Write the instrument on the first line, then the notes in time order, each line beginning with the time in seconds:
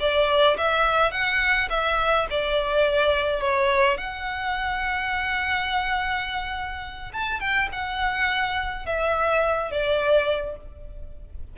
violin
0.00 D5
0.58 E5
1.12 F#5
1.70 E5
2.31 D5
3.41 C#5
3.98 F#5
7.14 A5
7.41 G5
7.72 F#5
8.86 E5
9.71 D5